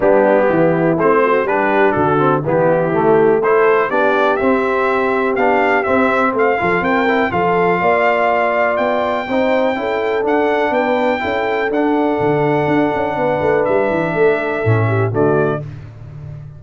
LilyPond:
<<
  \new Staff \with { instrumentName = "trumpet" } { \time 4/4 \tempo 4 = 123 g'2 c''4 b'4 | a'4 g'2 c''4 | d''4 e''2 f''4 | e''4 f''4 g''4 f''4~ |
f''2 g''2~ | g''4 fis''4 g''2 | fis''1 | e''2. d''4 | }
  \new Staff \with { instrumentName = "horn" } { \time 4/4 d'4 e'4. fis'8 g'4 | fis'4 e'2 a'4 | g'1~ | g'4 c''8 a'8 ais'4 a'4 |
d''2. c''4 | a'2 b'4 a'4~ | a'2. b'4~ | b'4 a'4. g'8 fis'4 | }
  \new Staff \with { instrumentName = "trombone" } { \time 4/4 b2 c'4 d'4~ | d'8 c'8 b4 a4 e'4 | d'4 c'2 d'4 | c'4. f'4 e'8 f'4~ |
f'2. dis'4 | e'4 d'2 e'4 | d'1~ | d'2 cis'4 a4 | }
  \new Staff \with { instrumentName = "tuba" } { \time 4/4 g4 e4 a4 g4 | d4 e4 a2 | b4 c'2 b4 | c'4 a8 f8 c'4 f4 |
ais2 b4 c'4 | cis'4 d'4 b4 cis'4 | d'4 d4 d'8 cis'8 b8 a8 | g8 e8 a4 a,4 d4 | }
>>